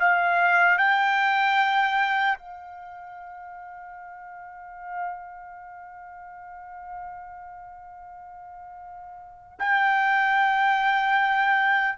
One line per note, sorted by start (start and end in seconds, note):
0.00 0.79 F5
0.79 2.39 G5
2.39 9.59 F5
9.60 11.99 G5